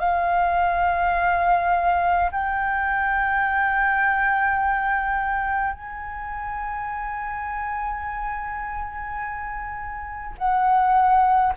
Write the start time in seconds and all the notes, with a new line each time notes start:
0.00 F5
2.32 G5
5.74 G#5
10.38 F#5